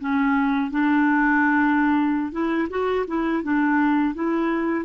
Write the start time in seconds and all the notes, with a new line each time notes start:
0.00 C#4
0.71 D4
2.32 E4
2.70 F#4
3.07 E4
3.43 D4
4.14 E4